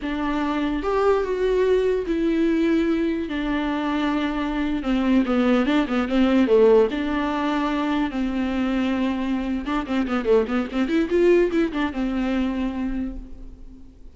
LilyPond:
\new Staff \with { instrumentName = "viola" } { \time 4/4 \tempo 4 = 146 d'2 g'4 fis'4~ | fis'4 e'2. | d'2.~ d'8. c'16~ | c'8. b4 d'8 b8 c'4 a16~ |
a8. d'2. c'16~ | c'2.~ c'8 d'8 | c'8 b8 a8 b8 c'8 e'8 f'4 | e'8 d'8 c'2. | }